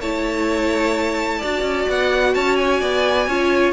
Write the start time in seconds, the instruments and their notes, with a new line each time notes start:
0.00 cello A3, viola E4, violin C#5 A5
1.38 cello D4, viola F#4, violin D5
1.61 cello C#4
1.88 cello B3, violin F#5
2.34 cello C#4, violin C#5 A5
2.56 violin G#5
2.80 cello B3, violin D5
3.27 cello C#4, viola F4, violin C#5